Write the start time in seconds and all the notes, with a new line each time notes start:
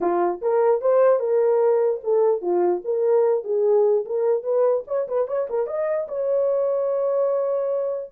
0.00 F4
0.41 A#4
0.81 C5
1.19 A#4
2.03 A4
2.41 F4
2.84 A#4
3.43 G#4
4.05 A#4
4.43 B4
4.87 C#5
5.07 B4
5.27 C#5
5.49 A#4
5.66 D#5
6.08 C#5